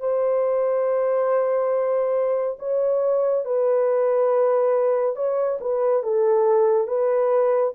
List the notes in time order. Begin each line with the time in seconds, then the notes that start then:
0.00 C5
2.59 C#5
3.45 B4
5.16 C#5
5.61 B4
6.03 A4
6.88 B4